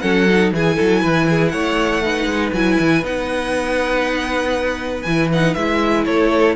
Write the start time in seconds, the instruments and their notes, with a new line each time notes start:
0.00 cello F#3, viola C#4, violin A4 F#5
0.29 viola D#4
0.52 cello E3, viola E4, violin G#4 G#5
0.75 cello F#3, violin A4
1.01 cello E3, violin B4
1.29 violin G#4
1.49 cello A3, violin C#5 F#5
2.03 viola D#4, violin B4
2.26 cello G#3
2.53 cello F#3, viola E4, violin G#5
2.79 cello E3
3.03 cello B3, viola D#4, violin F#5
5.02 cello E3, viola E4, violin G#5
5.32 viola D#4, violin F#5
5.54 cello G#3, viola E4, violin E5
6.05 cello A3, violin A4 C#5